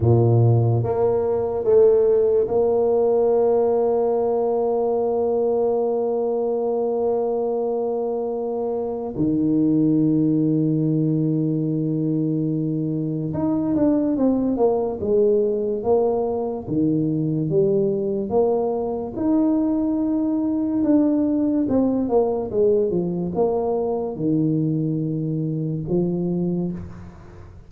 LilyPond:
\new Staff \with { instrumentName = "tuba" } { \time 4/4 \tempo 4 = 72 ais,4 ais4 a4 ais4~ | ais1~ | ais2. dis4~ | dis1 |
dis'8 d'8 c'8 ais8 gis4 ais4 | dis4 g4 ais4 dis'4~ | dis'4 d'4 c'8 ais8 gis8 f8 | ais4 dis2 f4 | }